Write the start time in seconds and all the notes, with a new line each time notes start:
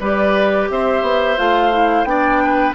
0.00 G3 G4 B4 D5
0.70 C4 C5 E5
1.02 B3
1.37 A3 F4 F5
1.72 E4
2.04 B3 D4 D5 G5
2.44 B4